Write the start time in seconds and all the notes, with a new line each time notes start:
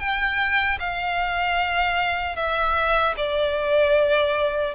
0.00 G5
0.80 F5
2.36 E5
3.17 D5